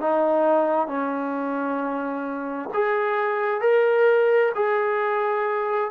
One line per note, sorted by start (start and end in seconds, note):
0.00 0.87 D#4
0.87 2.69 C#4
2.74 3.61 G#4
3.61 4.52 A#4
4.55 5.90 G#4